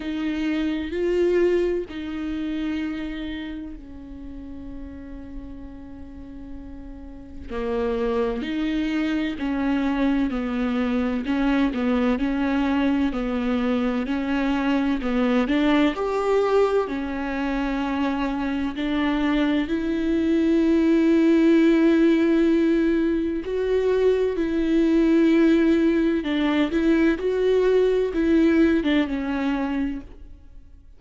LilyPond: \new Staff \with { instrumentName = "viola" } { \time 4/4 \tempo 4 = 64 dis'4 f'4 dis'2 | cis'1 | ais4 dis'4 cis'4 b4 | cis'8 b8 cis'4 b4 cis'4 |
b8 d'8 g'4 cis'2 | d'4 e'2.~ | e'4 fis'4 e'2 | d'8 e'8 fis'4 e'8. d'16 cis'4 | }